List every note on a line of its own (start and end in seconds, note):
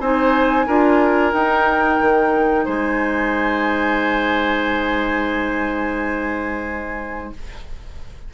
0.00 0.67 C4
0.00 0.68 D#4
0.00 0.67 C5
0.00 1.33 G#5
0.67 1.33 D4
0.67 1.34 F4
0.67 2.65 A#4
1.33 2.00 D#4
1.33 7.34 D#4
1.33 2.67 G5
2.01 2.67 D#3
2.65 7.34 G#3
2.65 7.32 C5
2.65 7.34 G#5